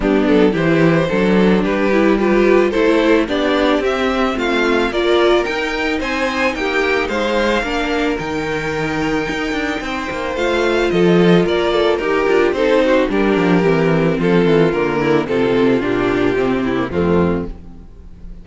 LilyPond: <<
  \new Staff \with { instrumentName = "violin" } { \time 4/4 \tempo 4 = 110 g'8 a'8 c''2 b'4 | g'4 c''4 d''4 e''4 | f''4 d''4 g''4 gis''4 | g''4 f''2 g''4~ |
g''2. f''4 | dis''4 d''4 ais'4 c''4 | ais'2 a'4 ais'4 | a'4 g'2 f'4 | }
  \new Staff \with { instrumentName = "violin" } { \time 4/4 d'4 g'4 a'4 g'4 | b'4 a'4 g'2 | f'4 ais'2 c''4 | g'4 c''4 ais'2~ |
ais'2 c''2 | a'4 ais'8 a'8 g'4 a'8 fis'8 | g'2 f'4. e'8 | f'2~ f'8 e'8 c'4 | }
  \new Staff \with { instrumentName = "viola" } { \time 4/4 b4 e'4 d'4. e'8 | f'4 e'4 d'4 c'4~ | c'4 f'4 dis'2~ | dis'2 d'4 dis'4~ |
dis'2. f'4~ | f'2 g'8 f'8 dis'4 | d'4 c'2 ais4 | c'4 d'4 c'8. ais16 a4 | }
  \new Staff \with { instrumentName = "cello" } { \time 4/4 g8 fis8 e4 fis4 g4~ | g4 a4 b4 c'4 | a4 ais4 dis'4 c'4 | ais4 gis4 ais4 dis4~ |
dis4 dis'8 d'8 c'8 ais8 a4 | f4 ais4 dis'8 d'8 c'4 | g8 f8 e4 f8 e8 d4 | c4 ais,4 c4 f,4 | }
>>